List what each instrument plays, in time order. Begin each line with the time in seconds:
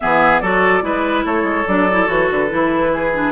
0.00 bassoon E3, clarinet B3, oboe G#4, flute E5
0.39 bassoon F#3, clarinet F#4, oboe A4, flute D5
0.81 bassoon G#3, clarinet E4, oboe B4
1.25 bassoon A3, oboe A4, flute C#5
1.43 bassoon G#3
1.67 bassoon F#3, clarinet D4, flute D5
1.91 clarinet E4
2.06 bassoon E3, clarinet F#4, flute C#5
2.30 bassoon D3, flute B4
2.49 bassoon E3, clarinet E4
2.93 oboe G#4
3.13 clarinet D4